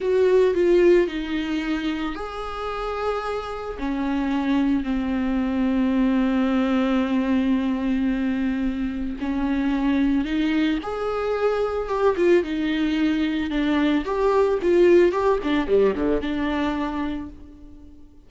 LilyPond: \new Staff \with { instrumentName = "viola" } { \time 4/4 \tempo 4 = 111 fis'4 f'4 dis'2 | gis'2. cis'4~ | cis'4 c'2.~ | c'1~ |
c'4 cis'2 dis'4 | gis'2 g'8 f'8 dis'4~ | dis'4 d'4 g'4 f'4 | g'8 d'8 g8 d8 d'2 | }